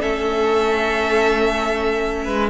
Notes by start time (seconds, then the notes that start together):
0.00 A3 C#4 A4 E5
2.24 G#3 B4